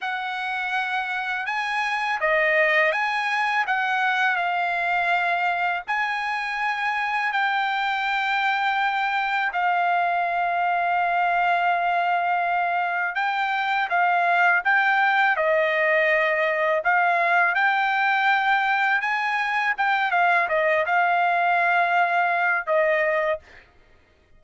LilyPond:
\new Staff \with { instrumentName = "trumpet" } { \time 4/4 \tempo 4 = 82 fis''2 gis''4 dis''4 | gis''4 fis''4 f''2 | gis''2 g''2~ | g''4 f''2.~ |
f''2 g''4 f''4 | g''4 dis''2 f''4 | g''2 gis''4 g''8 f''8 | dis''8 f''2~ f''8 dis''4 | }